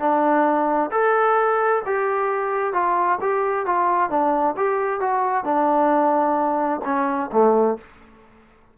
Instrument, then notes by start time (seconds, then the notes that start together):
trombone
0.00 D4
0.92 A4
1.86 G4
2.74 F4
3.21 G4
3.66 F4
4.10 D4
4.57 G4
5.01 F#4
5.45 D4
6.85 C#4
7.33 A3